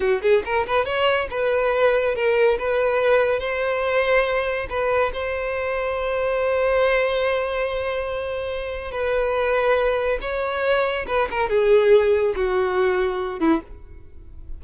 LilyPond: \new Staff \with { instrumentName = "violin" } { \time 4/4 \tempo 4 = 141 fis'8 gis'8 ais'8 b'8 cis''4 b'4~ | b'4 ais'4 b'2 | c''2. b'4 | c''1~ |
c''1~ | c''4 b'2. | cis''2 b'8 ais'8 gis'4~ | gis'4 fis'2~ fis'8 e'8 | }